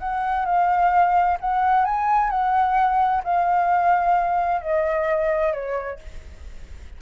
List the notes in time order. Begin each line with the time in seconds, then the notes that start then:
0.00 F#5
0.46 F5
1.41 F#5
1.85 G#5
2.31 F#5
3.24 F5
4.62 D#5
5.53 C#5